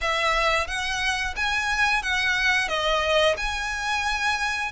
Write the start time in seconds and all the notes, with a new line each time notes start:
0.01 E5
0.67 F#5
1.36 G#5
2.02 F#5
2.68 D#5
3.37 G#5